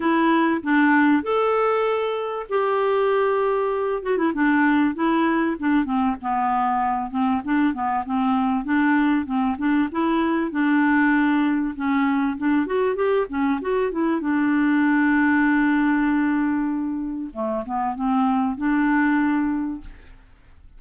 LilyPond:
\new Staff \with { instrumentName = "clarinet" } { \time 4/4 \tempo 4 = 97 e'4 d'4 a'2 | g'2~ g'8 fis'16 e'16 d'4 | e'4 d'8 c'8 b4. c'8 | d'8 b8 c'4 d'4 c'8 d'8 |
e'4 d'2 cis'4 | d'8 fis'8 g'8 cis'8 fis'8 e'8 d'4~ | d'1 | a8 b8 c'4 d'2 | }